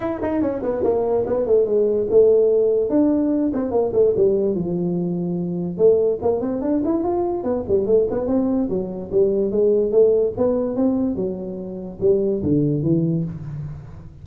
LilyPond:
\new Staff \with { instrumentName = "tuba" } { \time 4/4 \tempo 4 = 145 e'8 dis'8 cis'8 b8 ais4 b8 a8 | gis4 a2 d'4~ | d'8 c'8 ais8 a8 g4 f4~ | f2 a4 ais8 c'8 |
d'8 e'8 f'4 b8 g8 a8 b8 | c'4 fis4 g4 gis4 | a4 b4 c'4 fis4~ | fis4 g4 d4 e4 | }